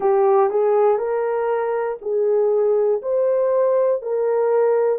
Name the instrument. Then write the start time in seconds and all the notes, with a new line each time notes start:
horn
0.00 G4
0.50 G#4
0.98 A#4
2.01 G#4
3.02 C5
4.01 A#4